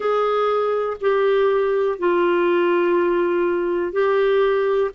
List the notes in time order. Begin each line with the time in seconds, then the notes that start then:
0.00 G#4
1.01 G4
1.99 F4
3.92 G4